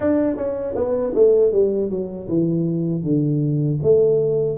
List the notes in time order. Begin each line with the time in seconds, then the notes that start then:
0.00 D4
0.36 C#4
0.75 B3
1.14 A3
1.52 G3
1.90 F#3
2.28 E3
3.03 D3
3.83 A3